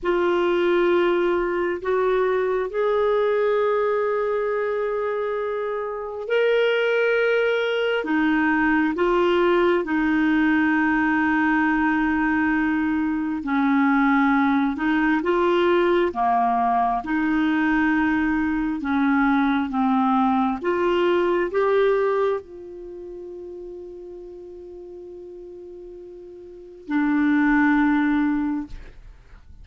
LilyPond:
\new Staff \with { instrumentName = "clarinet" } { \time 4/4 \tempo 4 = 67 f'2 fis'4 gis'4~ | gis'2. ais'4~ | ais'4 dis'4 f'4 dis'4~ | dis'2. cis'4~ |
cis'8 dis'8 f'4 ais4 dis'4~ | dis'4 cis'4 c'4 f'4 | g'4 f'2.~ | f'2 d'2 | }